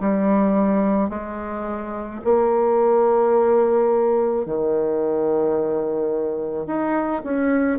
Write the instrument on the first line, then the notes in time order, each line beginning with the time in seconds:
bassoon
0.00 G3
1.10 G#3
2.24 A#3
4.45 D#3
6.67 D#4
7.24 C#4